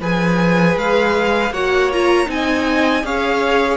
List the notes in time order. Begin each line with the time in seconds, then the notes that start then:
0.00 F3 G#4 B4 G#5
0.76 G#3 F5
1.50 A#3 F#4 C#5 F#5
1.92 F4 A#5
2.26 C4 D#4 G#5
2.32 D#5
3.03 C#4 G#4 C#5 F5